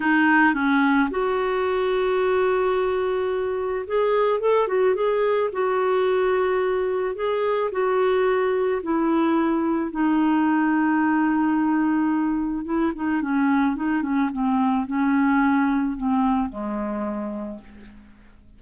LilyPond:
\new Staff \with { instrumentName = "clarinet" } { \time 4/4 \tempo 4 = 109 dis'4 cis'4 fis'2~ | fis'2. gis'4 | a'8 fis'8 gis'4 fis'2~ | fis'4 gis'4 fis'2 |
e'2 dis'2~ | dis'2. e'8 dis'8 | cis'4 dis'8 cis'8 c'4 cis'4~ | cis'4 c'4 gis2 | }